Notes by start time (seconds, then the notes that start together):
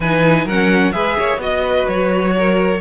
0.00 E3 D#4 B4 G#5
0.45 F#3 C#4 A#4 F#5
0.92 G#3 G#4 B4 E5
1.18 A#3 C#5
1.37 B3 F#4 D#5
1.43 D#5
1.62 B4
1.88 F#3 C#5
2.37 A#4